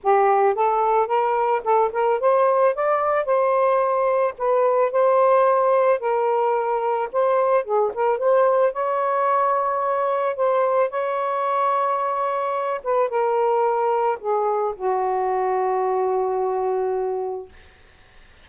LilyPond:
\new Staff \with { instrumentName = "saxophone" } { \time 4/4 \tempo 4 = 110 g'4 a'4 ais'4 a'8 ais'8 | c''4 d''4 c''2 | b'4 c''2 ais'4~ | ais'4 c''4 gis'8 ais'8 c''4 |
cis''2. c''4 | cis''2.~ cis''8 b'8 | ais'2 gis'4 fis'4~ | fis'1 | }